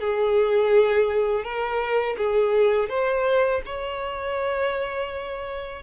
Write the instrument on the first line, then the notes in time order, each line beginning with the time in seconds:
violin
0.00 G#4
1.44 A#4
2.18 G#4
2.89 C5
3.66 C#5